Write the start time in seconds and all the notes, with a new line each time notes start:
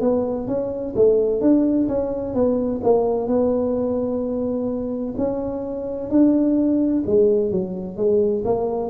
0.00 B3
0.47 C#4
0.96 A3
1.41 D4
1.88 C#4
2.34 B3
2.83 A#3
3.27 B3
5.17 C#4
6.09 D4
7.06 G#3
7.51 F#3
7.96 G#3
8.44 A#3